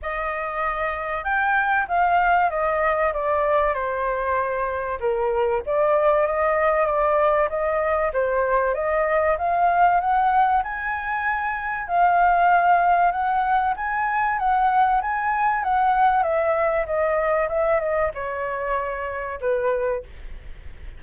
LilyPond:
\new Staff \with { instrumentName = "flute" } { \time 4/4 \tempo 4 = 96 dis''2 g''4 f''4 | dis''4 d''4 c''2 | ais'4 d''4 dis''4 d''4 | dis''4 c''4 dis''4 f''4 |
fis''4 gis''2 f''4~ | f''4 fis''4 gis''4 fis''4 | gis''4 fis''4 e''4 dis''4 | e''8 dis''8 cis''2 b'4 | }